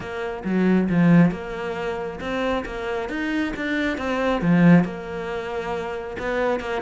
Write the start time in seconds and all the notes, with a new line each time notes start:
0.00 A#3
0.44 F#3
0.89 F3
1.31 A#3
2.20 C4
2.65 A#3
3.09 D#4
3.56 D4
3.97 C4
4.41 F3
4.84 A#3
6.18 B3
6.60 A#3